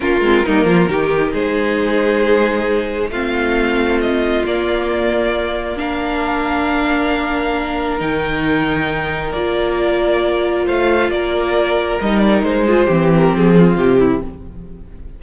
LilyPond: <<
  \new Staff \with { instrumentName = "violin" } { \time 4/4 \tempo 4 = 135 ais'2. c''4~ | c''2. f''4~ | f''4 dis''4 d''2~ | d''4 f''2.~ |
f''2 g''2~ | g''4 d''2. | f''4 d''2 dis''8 d''8 | c''4. ais'8 gis'4 g'4 | }
  \new Staff \with { instrumentName = "violin" } { \time 4/4 f'4 dis'8 f'8 g'4 gis'4~ | gis'2. f'4~ | f'1~ | f'4 ais'2.~ |
ais'1~ | ais'1 | c''4 ais'2.~ | ais'8 gis'8 g'4. f'4 e'8 | }
  \new Staff \with { instrumentName = "viola" } { \time 4/4 cis'8 c'8 ais4 dis'2~ | dis'2. c'4~ | c'2 ais2~ | ais4 d'2.~ |
d'2 dis'2~ | dis'4 f'2.~ | f'2. dis'4~ | dis'8 f'8 c'2. | }
  \new Staff \with { instrumentName = "cello" } { \time 4/4 ais8 gis8 g8 f8 dis4 gis4~ | gis2. a4~ | a2 ais2~ | ais1~ |
ais2 dis2~ | dis4 ais2. | a4 ais2 g4 | gis4 e4 f4 c4 | }
>>